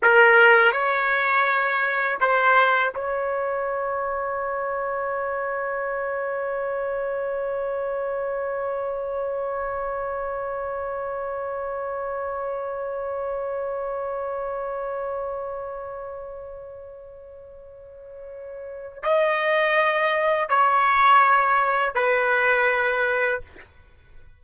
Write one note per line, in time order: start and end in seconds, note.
0.02 0.72 A#4
0.72 2.18 C#5
2.20 2.93 C5
2.94 19.02 C#5
19.02 20.49 D#5
20.49 21.94 C#5
21.94 23.41 B4